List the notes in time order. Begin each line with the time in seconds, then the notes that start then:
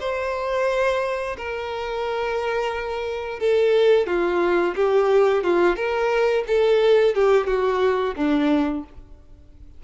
0.00 C5
1.37 A#4
3.40 A4
4.07 F4
4.75 G4
5.44 F4
5.76 A#4
6.47 A4
7.15 G4
7.47 F#4
8.16 D4